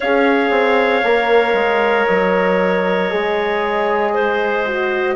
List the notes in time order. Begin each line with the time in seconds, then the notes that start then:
0.00 C#4 G#4 C#5 F5
0.50 C4
1.03 A#3 A#4
1.53 G#3
2.06 F#3 D#5
3.10 G#3 G#4
4.14 C5
4.66 F#4